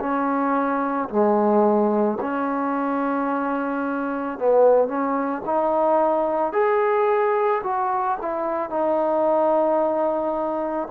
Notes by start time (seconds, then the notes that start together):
0.00 C#4
1.10 G#3
2.21 C#4
4.39 B3
4.88 C#4
5.46 D#4
6.53 G#4
7.64 F#4
8.22 E4
8.70 D#4